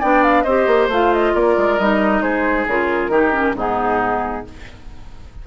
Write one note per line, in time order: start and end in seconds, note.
0.00 0.45 B3
0.00 0.46 D4
0.00 0.44 D5
0.00 0.24 G5
0.24 0.42 F5
0.42 0.67 C4
0.42 0.92 G4
0.42 1.33 C5
0.42 0.87 D#5
0.67 0.89 A#3
0.89 1.33 A3
0.89 1.80 F4
0.89 1.13 F5
1.13 1.35 D#5
1.34 1.57 A#3
1.34 2.23 A#4
1.34 1.79 D5
1.57 1.79 G#3
1.79 2.22 G3
1.79 2.69 D#4
1.79 2.22 D#5
2.22 2.67 G#3
2.22 3.11 G#4
2.22 2.66 C5
2.67 3.09 C#3
2.67 3.12 F4
2.67 3.57 A#4
3.09 3.53 D#3
3.09 3.33 D#4
3.09 3.55 G4
3.33 3.55 C#4
3.55 4.44 G#2
3.55 4.46 B3
3.55 4.46 D#4
3.55 4.47 G#4